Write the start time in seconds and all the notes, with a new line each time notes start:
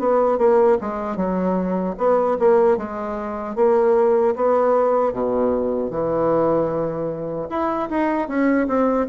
0.00 B3
0.39 A#3
0.81 G#3
1.17 F#3
1.98 B3
2.40 A#3
2.78 G#3
3.56 A#3
4.36 B3
5.13 B2
5.91 E3
7.50 E4
7.90 D#4
8.28 C#4
8.68 C4